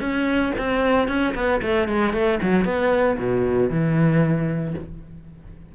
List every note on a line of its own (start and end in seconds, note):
0.00 0.52 C#4
0.57 1.08 C4
1.08 1.34 C#4
1.34 1.60 B3
1.62 1.88 A3
1.88 2.13 G#3
2.13 2.39 A3
2.42 2.64 F#3
2.64 3.17 B3
3.18 3.70 B2
3.70 4.74 E3